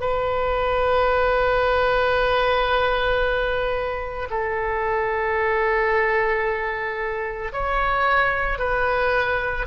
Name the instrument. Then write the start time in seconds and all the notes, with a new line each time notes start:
oboe
0.00 B4
4.31 A4
7.52 C#5
8.59 B4